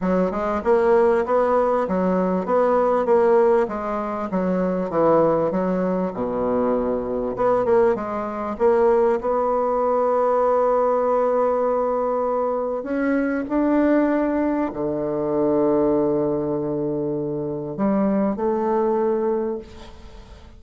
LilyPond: \new Staff \with { instrumentName = "bassoon" } { \time 4/4 \tempo 4 = 98 fis8 gis8 ais4 b4 fis4 | b4 ais4 gis4 fis4 | e4 fis4 b,2 | b8 ais8 gis4 ais4 b4~ |
b1~ | b4 cis'4 d'2 | d1~ | d4 g4 a2 | }